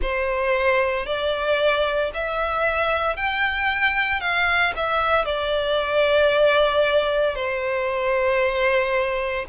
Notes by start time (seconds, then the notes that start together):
0.01 C5
1.05 D5
2.13 E5
3.16 G5
4.20 F5
4.76 E5
5.25 D5
7.35 C5